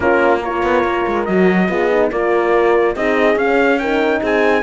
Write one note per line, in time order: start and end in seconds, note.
0.00 0.62 A#3
0.00 0.41 C#4
0.00 0.40 F4
0.00 0.42 A#4
0.40 1.27 F4
0.40 1.67 A#4
0.40 1.25 C#5
0.62 0.83 B3
0.84 1.05 A#3
1.07 1.27 G#3
1.25 1.68 F#3
1.25 1.69 F#4
1.25 2.10 D#5
1.68 2.11 B3
1.68 1.90 F4
1.68 2.10 G#4
1.90 2.12 D#4
2.10 2.96 A#3
2.10 2.96 F4
2.10 2.95 A#4
2.10 2.96 D5
2.96 3.35 C4
2.96 3.38 D#4
2.96 3.80 G#4
2.96 3.38 D#5
3.35 4.20 C#4
3.35 3.81 C#4
3.35 3.78 F5
3.78 4.62 D#4
3.78 4.21 A#4
3.78 4.21 G5
4.21 4.62 C4
4.21 4.62 G#4
4.21 4.62 G#5